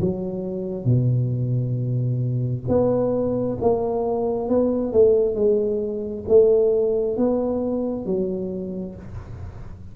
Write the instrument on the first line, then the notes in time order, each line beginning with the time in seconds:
tuba
0.00 F#3
0.85 B2
2.68 B3
3.61 A#3
4.49 B3
4.93 A3
5.35 G#3
6.28 A3
7.17 B3
8.06 F#3